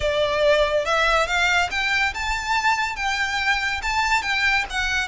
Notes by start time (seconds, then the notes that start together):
0.00 D5
0.85 E5
1.27 F5
1.71 G5
2.14 A5
2.96 G5
3.82 A5
4.22 G5
4.69 F#5